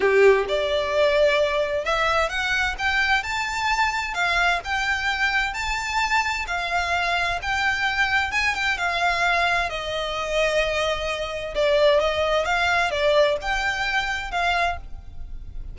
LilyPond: \new Staff \with { instrumentName = "violin" } { \time 4/4 \tempo 4 = 130 g'4 d''2. | e''4 fis''4 g''4 a''4~ | a''4 f''4 g''2 | a''2 f''2 |
g''2 gis''8 g''8 f''4~ | f''4 dis''2.~ | dis''4 d''4 dis''4 f''4 | d''4 g''2 f''4 | }